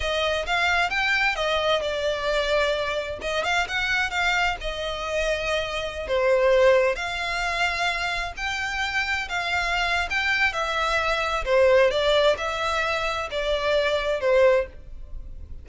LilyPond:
\new Staff \with { instrumentName = "violin" } { \time 4/4 \tempo 4 = 131 dis''4 f''4 g''4 dis''4 | d''2. dis''8 f''8 | fis''4 f''4 dis''2~ | dis''4~ dis''16 c''2 f''8.~ |
f''2~ f''16 g''4.~ g''16~ | g''16 f''4.~ f''16 g''4 e''4~ | e''4 c''4 d''4 e''4~ | e''4 d''2 c''4 | }